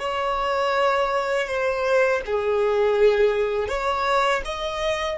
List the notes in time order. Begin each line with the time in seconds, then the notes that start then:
0.00 C#5
1.48 C5
2.26 G#4
3.69 C#5
4.45 D#5